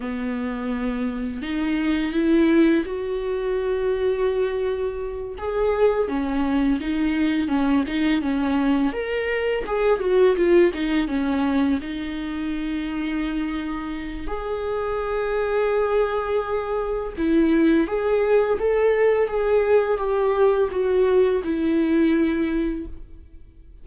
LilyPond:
\new Staff \with { instrumentName = "viola" } { \time 4/4 \tempo 4 = 84 b2 dis'4 e'4 | fis'2.~ fis'8 gis'8~ | gis'8 cis'4 dis'4 cis'8 dis'8 cis'8~ | cis'8 ais'4 gis'8 fis'8 f'8 dis'8 cis'8~ |
cis'8 dis'2.~ dis'8 | gis'1 | e'4 gis'4 a'4 gis'4 | g'4 fis'4 e'2 | }